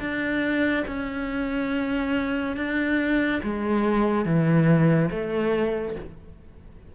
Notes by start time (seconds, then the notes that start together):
0.00 D4
0.88 C#4
2.57 D4
3.44 G#3
4.26 E3
5.11 A3